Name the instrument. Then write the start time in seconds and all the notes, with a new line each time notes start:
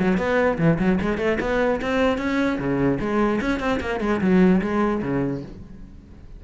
cello
0.00 F#3
0.18 B3
0.59 E3
0.79 F#3
1.02 G#3
1.19 A3
1.41 B3
1.82 C4
2.18 C#4
2.59 C#3
3.01 G#3
3.41 C#4
3.60 C4
3.81 A#3
4.01 G#3
4.22 F#3
4.62 G#3
5.03 C#3